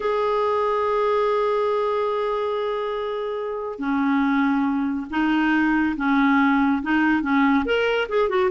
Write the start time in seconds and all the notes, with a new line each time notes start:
0.00 G#4
3.79 C#4
5.10 D#4
5.96 C#4
6.82 D#4
7.22 C#4
7.65 A#4
8.08 G#4
8.29 F#4